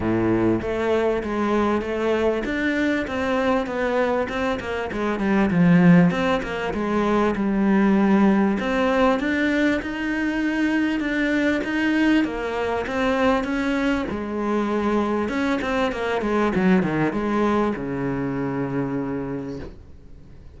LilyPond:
\new Staff \with { instrumentName = "cello" } { \time 4/4 \tempo 4 = 98 a,4 a4 gis4 a4 | d'4 c'4 b4 c'8 ais8 | gis8 g8 f4 c'8 ais8 gis4 | g2 c'4 d'4 |
dis'2 d'4 dis'4 | ais4 c'4 cis'4 gis4~ | gis4 cis'8 c'8 ais8 gis8 fis8 dis8 | gis4 cis2. | }